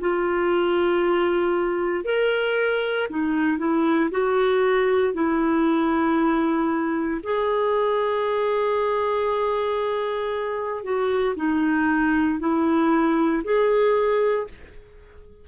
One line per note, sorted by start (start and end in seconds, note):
0.00 2.04 F4
2.04 3.08 A#4
3.09 3.58 D#4
3.58 4.10 E4
4.11 5.13 F#4
5.13 7.20 E4
7.23 10.83 G#4
10.83 11.35 F#4
11.36 12.39 D#4
12.39 13.42 E4
13.43 14.47 G#4